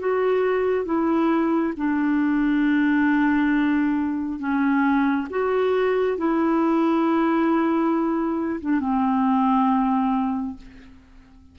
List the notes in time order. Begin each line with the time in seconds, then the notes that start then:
0.00 F#4
0.86 E4
1.77 D4
4.40 C#4
5.31 F#4
6.18 E4
8.61 D4
8.81 C4